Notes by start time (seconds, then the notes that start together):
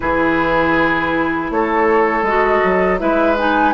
0.00 E3 E4 G#4 B4
1.50 A3 A4 C#5
2.22 G#3 F#4 D#5
2.64 F#3
2.98 G#3 E4 B4 E5
3.37 D#4 G#5